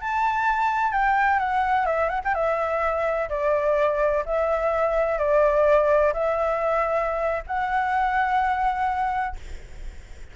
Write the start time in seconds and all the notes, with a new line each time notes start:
0.00 A5
0.92 G5
1.39 F#5
1.86 E5
2.09 F#5
2.24 G5
2.34 E5
3.29 D5
4.25 E5
5.18 D5
6.13 E5
7.46 F#5